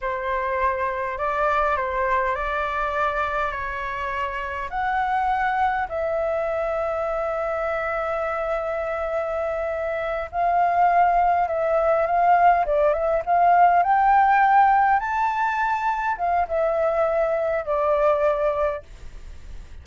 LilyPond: \new Staff \with { instrumentName = "flute" } { \time 4/4 \tempo 4 = 102 c''2 d''4 c''4 | d''2 cis''2 | fis''2 e''2~ | e''1~ |
e''4. f''2 e''8~ | e''8 f''4 d''8 e''8 f''4 g''8~ | g''4. a''2 f''8 | e''2 d''2 | }